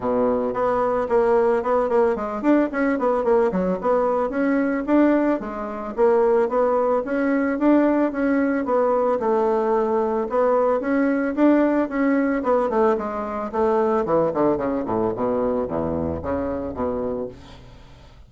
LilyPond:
\new Staff \with { instrumentName = "bassoon" } { \time 4/4 \tempo 4 = 111 b,4 b4 ais4 b8 ais8 | gis8 d'8 cis'8 b8 ais8 fis8 b4 | cis'4 d'4 gis4 ais4 | b4 cis'4 d'4 cis'4 |
b4 a2 b4 | cis'4 d'4 cis'4 b8 a8 | gis4 a4 e8 d8 cis8 a,8 | b,4 e,4 cis4 b,4 | }